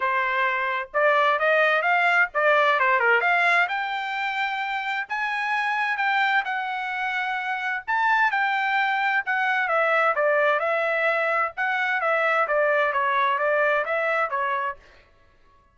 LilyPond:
\new Staff \with { instrumentName = "trumpet" } { \time 4/4 \tempo 4 = 130 c''2 d''4 dis''4 | f''4 d''4 c''8 ais'8 f''4 | g''2. gis''4~ | gis''4 g''4 fis''2~ |
fis''4 a''4 g''2 | fis''4 e''4 d''4 e''4~ | e''4 fis''4 e''4 d''4 | cis''4 d''4 e''4 cis''4 | }